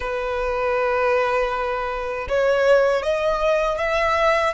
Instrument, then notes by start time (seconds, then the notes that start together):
violin
0.00 B4
2.28 C#5
3.02 D#5
3.78 E5